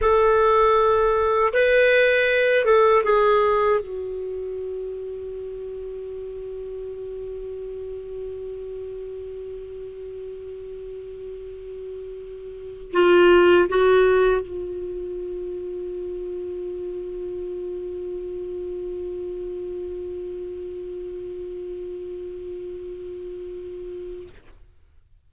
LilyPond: \new Staff \with { instrumentName = "clarinet" } { \time 4/4 \tempo 4 = 79 a'2 b'4. a'8 | gis'4 fis'2.~ | fis'1~ | fis'1~ |
fis'4 f'4 fis'4 f'4~ | f'1~ | f'1~ | f'1 | }